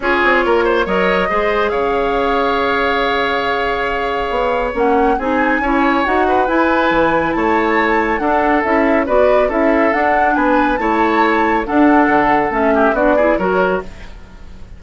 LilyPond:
<<
  \new Staff \with { instrumentName = "flute" } { \time 4/4 \tempo 4 = 139 cis''2 dis''2 | f''1~ | f''2. fis''4 | gis''2 fis''4 gis''4~ |
gis''4 a''2 fis''4 | e''4 d''4 e''4 fis''4 | gis''4 a''2 fis''4~ | fis''4 e''4 d''4 cis''4 | }
  \new Staff \with { instrumentName = "oboe" } { \time 4/4 gis'4 ais'8 c''8 cis''4 c''4 | cis''1~ | cis''1 | gis'4 cis''4. b'4.~ |
b'4 cis''2 a'4~ | a'4 b'4 a'2 | b'4 cis''2 a'4~ | a'4. g'8 fis'8 gis'8 ais'4 | }
  \new Staff \with { instrumentName = "clarinet" } { \time 4/4 f'2 ais'4 gis'4~ | gis'1~ | gis'2. cis'4 | dis'4 e'4 fis'4 e'4~ |
e'2. d'4 | e'4 fis'4 e'4 d'4~ | d'4 e'2 d'4~ | d'4 cis'4 d'8 e'8 fis'4 | }
  \new Staff \with { instrumentName = "bassoon" } { \time 4/4 cis'8 c'8 ais4 fis4 gis4 | cis1~ | cis2 b4 ais4 | c'4 cis'4 dis'4 e'4 |
e4 a2 d'4 | cis'4 b4 cis'4 d'4 | b4 a2 d'4 | d4 a4 b4 fis4 | }
>>